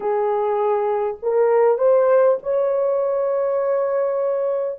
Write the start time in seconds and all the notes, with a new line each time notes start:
0.00 G#4
1.22 A#4
1.77 C5
2.43 C#5